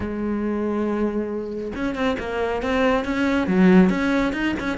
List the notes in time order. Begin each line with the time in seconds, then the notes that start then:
0.00 G#3
1.75 C#4
1.95 C4
2.19 A#3
2.62 C4
3.05 C#4
3.47 F#3
3.89 C#4
4.33 D#4
4.59 C#4